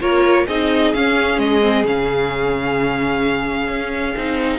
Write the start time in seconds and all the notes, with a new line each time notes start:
0.00 A#3 F4 A#4 C#5
0.46 C4 D#4 G#4 D#5
0.93 C#4 F5
1.38 G#3 D#5
1.61 C4
1.84 C#3 C#4 F5
3.68 C#4
4.17 C4 D#4